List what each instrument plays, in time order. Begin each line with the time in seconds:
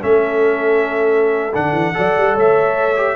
0.00 tuba A3, trombone C#4, horn A4, trumpet E5
1.53 tuba D3, trombone D4, trumpet F#5
1.72 tuba E3
1.94 tuba F#3, trombone A4, horn D5
2.17 tuba G3
2.34 tuba A3, horn C#5, trumpet E5
2.96 trombone G4